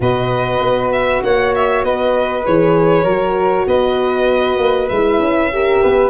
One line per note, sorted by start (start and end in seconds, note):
0.00 0.61 B2
0.00 2.43 F#4
0.00 1.23 B4
0.00 0.92 D#5
0.61 1.22 B3
0.92 1.22 E5
1.22 1.83 A#3
1.22 1.85 C#5
1.22 1.54 F#5
1.55 1.84 E5
1.83 2.45 B3
1.83 3.03 B4
1.83 2.45 D#5
2.44 3.03 E3
2.44 3.05 G#4
2.44 3.68 C#5
3.03 3.65 F#3
3.03 4.92 F#4
3.03 3.65 A#4
3.66 4.58 B3
3.66 5.51 B4
3.66 4.88 D#5
4.58 4.88 A#3
4.88 5.19 G#3
4.88 5.51 E4
4.88 6.09 E5
5.19 5.80 C#4
5.51 6.09 G4
5.51 5.82 A#4
5.82 6.09 B3
5.82 6.09 B4